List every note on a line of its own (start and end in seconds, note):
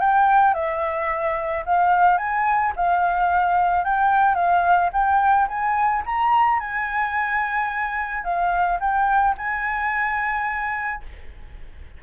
0.00 0.54 G5
0.54 1.64 E5
1.65 2.17 F5
2.17 2.72 G#5
2.76 3.84 F5
3.84 4.35 G5
4.35 4.90 F5
4.92 5.47 G5
5.48 6.03 G#5
6.06 6.59 A#5
6.59 8.24 G#5
8.24 8.79 F5
8.80 9.35 G5
9.37 11.02 G#5